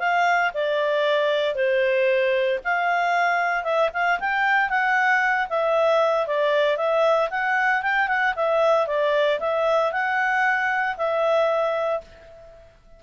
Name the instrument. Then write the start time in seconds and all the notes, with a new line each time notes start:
clarinet
0.00 F5
0.54 D5
1.56 C5
2.65 F5
3.64 E5
3.94 F5
4.20 G5
4.70 F#5
5.50 E5
6.28 D5
6.78 E5
7.31 F#5
7.83 G5
8.08 F#5
8.36 E5
8.87 D5
9.40 E5
9.92 F#5
10.97 E5